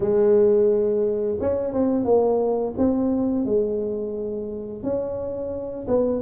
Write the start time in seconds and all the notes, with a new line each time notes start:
0.00 G#3
1.40 C#4
1.73 C4
2.05 A#3
2.77 C4
3.45 G#3
4.83 C#4
5.87 B3